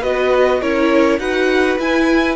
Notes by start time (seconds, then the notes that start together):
0.00 B3 F#4 B4 D#5
0.61 C#4 E4 A#4 C#5
1.19 D#4 F#4 B4 F#5
1.79 E4 G#5